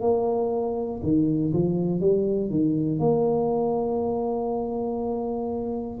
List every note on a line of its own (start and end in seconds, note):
0.00 1.00 A#3
1.02 1.52 D#3
1.53 2.00 F3
2.00 2.50 G3
2.50 2.99 D#3
2.99 5.99 A#3